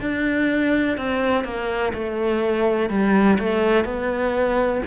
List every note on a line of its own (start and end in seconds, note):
0.00 0.97 D4
0.97 1.44 C4
1.44 1.92 A#3
1.93 2.89 A3
2.89 3.37 G3
3.39 3.84 A3
3.84 4.81 B3